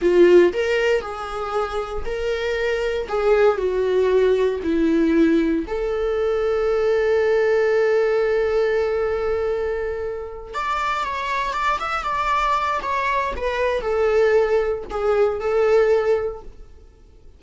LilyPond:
\new Staff \with { instrumentName = "viola" } { \time 4/4 \tempo 4 = 117 f'4 ais'4 gis'2 | ais'2 gis'4 fis'4~ | fis'4 e'2 a'4~ | a'1~ |
a'1~ | a'8 d''4 cis''4 d''8 e''8 d''8~ | d''4 cis''4 b'4 a'4~ | a'4 gis'4 a'2 | }